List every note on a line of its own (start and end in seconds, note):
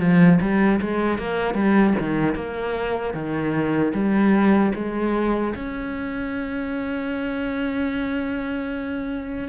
0.00 0.39 F3
0.41 0.81 G3
0.81 1.18 G#3
1.18 1.55 A#3
1.55 1.94 G3
2.00 2.35 D#3
2.35 3.14 A#3
3.14 3.93 D#3
3.94 4.73 G3
4.75 5.54 G#3
5.55 9.49 C#4